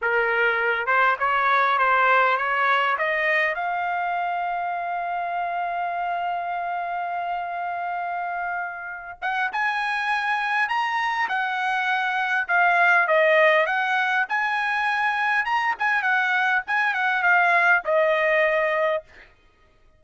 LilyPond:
\new Staff \with { instrumentName = "trumpet" } { \time 4/4 \tempo 4 = 101 ais'4. c''8 cis''4 c''4 | cis''4 dis''4 f''2~ | f''1~ | f''2.~ f''8 fis''8 |
gis''2 ais''4 fis''4~ | fis''4 f''4 dis''4 fis''4 | gis''2 ais''8 gis''8 fis''4 | gis''8 fis''8 f''4 dis''2 | }